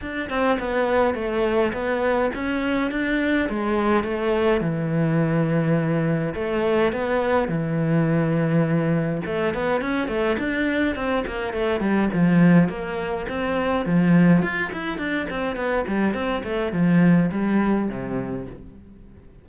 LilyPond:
\new Staff \with { instrumentName = "cello" } { \time 4/4 \tempo 4 = 104 d'8 c'8 b4 a4 b4 | cis'4 d'4 gis4 a4 | e2. a4 | b4 e2. |
a8 b8 cis'8 a8 d'4 c'8 ais8 | a8 g8 f4 ais4 c'4 | f4 f'8 e'8 d'8 c'8 b8 g8 | c'8 a8 f4 g4 c4 | }